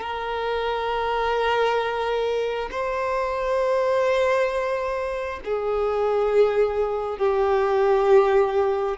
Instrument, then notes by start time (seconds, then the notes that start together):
violin
0.00 A#4
2.71 C5
5.44 G#4
7.18 G4